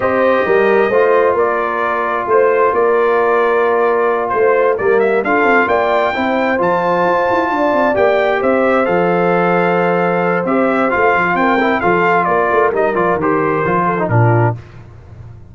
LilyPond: <<
  \new Staff \with { instrumentName = "trumpet" } { \time 4/4 \tempo 4 = 132 dis''2. d''4~ | d''4 c''4 d''2~ | d''4. c''4 d''8 e''8 f''8~ | f''8 g''2 a''4.~ |
a''4. g''4 e''4 f''8~ | f''2. e''4 | f''4 g''4 f''4 d''4 | dis''8 d''8 c''2 ais'4 | }
  \new Staff \with { instrumentName = "horn" } { \time 4/4 c''4 ais'4 c''4 ais'4~ | ais'4 c''4 ais'2~ | ais'4. c''4 ais'4 a'8~ | a'8 d''4 c''2~ c''8~ |
c''8 d''2 c''4.~ | c''1~ | c''4 ais'4 a'4 ais'4~ | ais'2~ ais'8 a'8 f'4 | }
  \new Staff \with { instrumentName = "trombone" } { \time 4/4 g'2 f'2~ | f'1~ | f'2~ f'8 ais4 f'8~ | f'4. e'4 f'4.~ |
f'4. g'2 a'8~ | a'2. g'4 | f'4. e'8 f'2 | dis'8 f'8 g'4 f'8. dis'16 d'4 | }
  \new Staff \with { instrumentName = "tuba" } { \time 4/4 c'4 g4 a4 ais4~ | ais4 a4 ais2~ | ais4. a4 g4 d'8 | c'8 ais4 c'4 f4 f'8 |
e'8 d'8 c'8 ais4 c'4 f8~ | f2. c'4 | a8 f8 c'4 f4 ais8 a8 | g8 f8 dis4 f4 ais,4 | }
>>